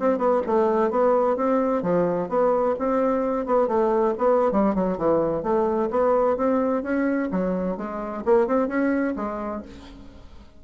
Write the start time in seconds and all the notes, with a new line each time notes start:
0.00 C4
0.18 B3
0.47 A3
0.91 B3
1.37 C4
1.83 F3
2.29 B3
2.79 C4
3.46 B3
3.68 A3
4.19 B3
4.52 G3
4.75 F#3
4.98 E3
5.43 A3
5.91 B3
6.37 C4
6.83 C#4
7.31 F#3
7.78 G#3
8.26 A#3
8.48 C4
8.68 C#4
9.16 G#3